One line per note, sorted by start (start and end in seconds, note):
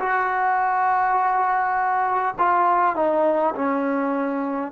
0.00 2.35 F#4
2.39 2.96 F4
2.96 3.55 D#4
3.56 4.72 C#4